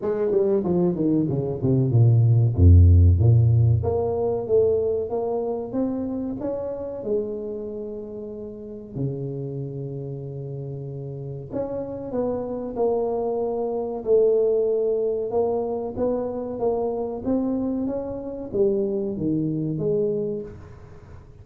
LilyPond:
\new Staff \with { instrumentName = "tuba" } { \time 4/4 \tempo 4 = 94 gis8 g8 f8 dis8 cis8 c8 ais,4 | f,4 ais,4 ais4 a4 | ais4 c'4 cis'4 gis4~ | gis2 cis2~ |
cis2 cis'4 b4 | ais2 a2 | ais4 b4 ais4 c'4 | cis'4 g4 dis4 gis4 | }